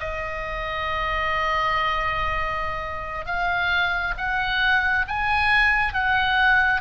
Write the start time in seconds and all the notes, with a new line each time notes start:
0.00 D#5
3.26 F5
4.18 F#5
5.08 G#5
5.94 F#5